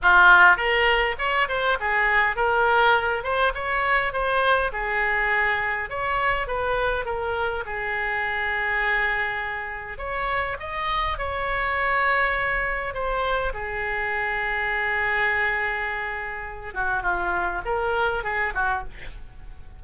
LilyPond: \new Staff \with { instrumentName = "oboe" } { \time 4/4 \tempo 4 = 102 f'4 ais'4 cis''8 c''8 gis'4 | ais'4. c''8 cis''4 c''4 | gis'2 cis''4 b'4 | ais'4 gis'2.~ |
gis'4 cis''4 dis''4 cis''4~ | cis''2 c''4 gis'4~ | gis'1~ | gis'8 fis'8 f'4 ais'4 gis'8 fis'8 | }